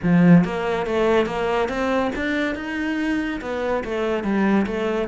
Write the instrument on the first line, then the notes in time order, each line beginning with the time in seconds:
cello
0.02 F3
0.44 A#3
0.86 A3
1.26 A#3
1.68 C4
2.15 D4
2.55 D#4
3.41 B3
3.84 A3
4.23 G3
4.66 A3